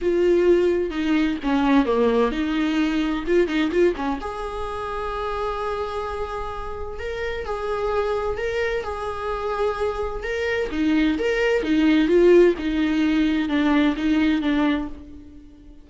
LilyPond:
\new Staff \with { instrumentName = "viola" } { \time 4/4 \tempo 4 = 129 f'2 dis'4 cis'4 | ais4 dis'2 f'8 dis'8 | f'8 cis'8 gis'2.~ | gis'2. ais'4 |
gis'2 ais'4 gis'4~ | gis'2 ais'4 dis'4 | ais'4 dis'4 f'4 dis'4~ | dis'4 d'4 dis'4 d'4 | }